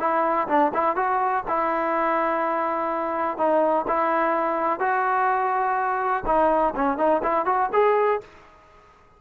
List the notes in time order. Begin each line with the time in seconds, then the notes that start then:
0.00 E4
0.48 D4
0.74 E4
0.96 F#4
1.48 E4
3.38 D#4
3.88 E4
4.80 F#4
6.26 D#4
6.75 C#4
6.98 D#4
7.23 E4
7.46 F#4
7.73 G#4